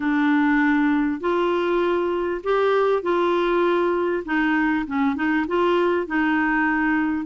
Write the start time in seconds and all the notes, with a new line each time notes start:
0.00 D4
1.20 F4
2.43 G4
3.02 F4
4.25 D#4
4.87 C#4
5.15 D#4
5.47 F4
6.07 D#4